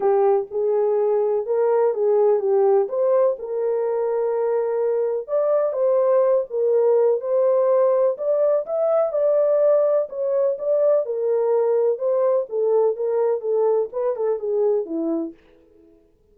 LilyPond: \new Staff \with { instrumentName = "horn" } { \time 4/4 \tempo 4 = 125 g'4 gis'2 ais'4 | gis'4 g'4 c''4 ais'4~ | ais'2. d''4 | c''4. ais'4. c''4~ |
c''4 d''4 e''4 d''4~ | d''4 cis''4 d''4 ais'4~ | ais'4 c''4 a'4 ais'4 | a'4 b'8 a'8 gis'4 e'4 | }